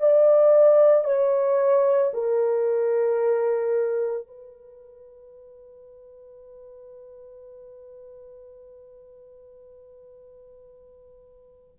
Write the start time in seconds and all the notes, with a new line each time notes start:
0.00 D5
1.04 C#5
2.13 A#4
4.27 B4